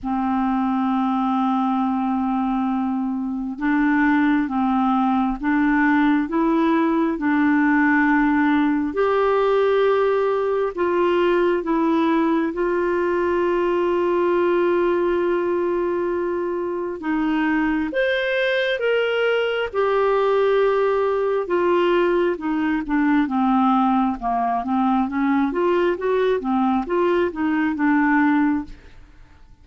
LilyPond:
\new Staff \with { instrumentName = "clarinet" } { \time 4/4 \tempo 4 = 67 c'1 | d'4 c'4 d'4 e'4 | d'2 g'2 | f'4 e'4 f'2~ |
f'2. dis'4 | c''4 ais'4 g'2 | f'4 dis'8 d'8 c'4 ais8 c'8 | cis'8 f'8 fis'8 c'8 f'8 dis'8 d'4 | }